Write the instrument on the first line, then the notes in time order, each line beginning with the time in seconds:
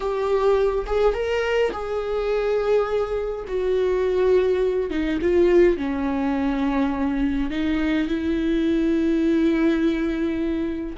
viola
0.00 G4
0.86 G#4
1.14 A#4
1.72 G#4
3.47 F#4
4.90 D#4
5.21 F4
5.77 C#4
7.50 D#4
8.08 E4